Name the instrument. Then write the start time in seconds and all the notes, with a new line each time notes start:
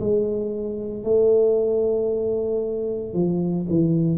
tuba
0.00 G#3
1.03 A3
3.14 F3
3.69 E3